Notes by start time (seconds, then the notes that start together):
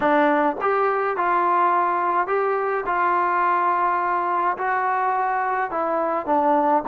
0.00 D4
0.61 G4
1.16 F4
2.27 G4
2.85 F4
4.57 F#4
5.70 E4
6.26 D4